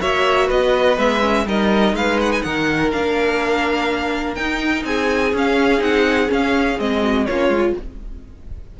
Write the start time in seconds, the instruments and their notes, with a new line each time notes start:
0.00 cello A#3, viola F#4, violin C#5 E5
0.47 cello B3, violin B4 D#5
0.98 cello G#3, viola B3, violin E5
1.21 viola C#4
1.46 cello G3, viola D#4, violin A#4 D#5
1.93 cello G#3, violin B4 F5
2.21 violin F#5
2.32 violin G#5
2.42 cello D#3, violin A#4 F#5
2.91 cello A#3, viola D4, violin F5
4.35 viola D#4, cello D#4, violin G5
4.84 cello C4, violin G#4 G#5
5.33 cello C#4, viola C#4, violin F5
5.78 cello C4, viola D#4, violin F#5
6.27 viola C#4, cello C#4, violin F5
6.79 cello G#3, viola C4, violin D#5
7.01 violin F#4
7.26 cello A#3, viola C#4, violin F4 C#5
7.49 cello G#3
7.56 viola F4